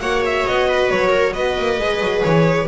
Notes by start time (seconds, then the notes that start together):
0.00 A#3 F#4 C#5 F#5
0.25 E5
0.47 B3 D#5
0.68 B4
0.90 F#3 C#5
1.10 A#4
1.33 B3 B4 D#5
1.58 A#3
1.78 G#3 G#4
1.99 F#3
2.23 E3 C#5